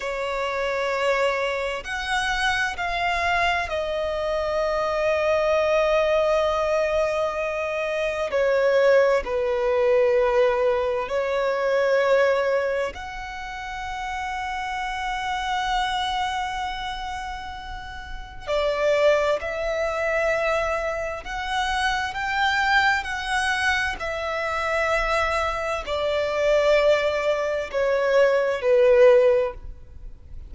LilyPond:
\new Staff \with { instrumentName = "violin" } { \time 4/4 \tempo 4 = 65 cis''2 fis''4 f''4 | dis''1~ | dis''4 cis''4 b'2 | cis''2 fis''2~ |
fis''1 | d''4 e''2 fis''4 | g''4 fis''4 e''2 | d''2 cis''4 b'4 | }